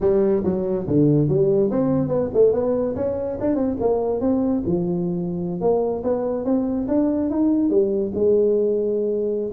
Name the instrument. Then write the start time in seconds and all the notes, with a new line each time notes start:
tuba
0.00 G3
0.44 F#3
0.87 D3
1.28 G3
1.70 C4
2.08 B3
2.33 A3
2.52 B3
2.95 C#4
3.40 D4
3.55 C4
3.79 A#3
4.20 C4
4.66 F3
5.60 A#3
6.03 B3
6.45 C4
6.88 D4
7.30 D#4
7.69 G3
8.14 G#3